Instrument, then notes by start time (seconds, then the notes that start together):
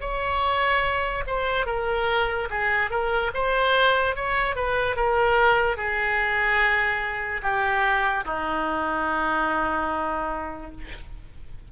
oboe
0.00 C#5
1.27 C5
1.66 A#4
2.50 G#4
2.90 A#4
3.34 C5
4.15 C#5
4.55 B4
4.96 A#4
5.76 G#4
7.42 G4
8.25 D#4